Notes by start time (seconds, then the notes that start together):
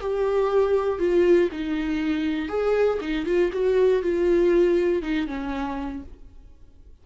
0.00 G4
0.99 F4
1.51 D#4
2.48 G#4
3.01 D#4
3.26 F4
3.52 F#4
4.02 F4
5.02 D#4
5.27 C#4